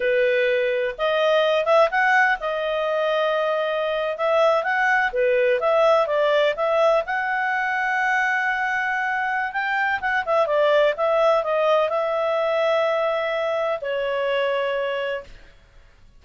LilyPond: \new Staff \with { instrumentName = "clarinet" } { \time 4/4 \tempo 4 = 126 b'2 dis''4. e''8 | fis''4 dis''2.~ | dis''8. e''4 fis''4 b'4 e''16~ | e''8. d''4 e''4 fis''4~ fis''16~ |
fis''1 | g''4 fis''8 e''8 d''4 e''4 | dis''4 e''2.~ | e''4 cis''2. | }